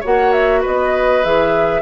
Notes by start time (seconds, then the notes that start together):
0.00 A#3 F#4 C#5 F#5
0.32 E5
0.61 B3 B4 D#5
1.23 E3 G#4 E5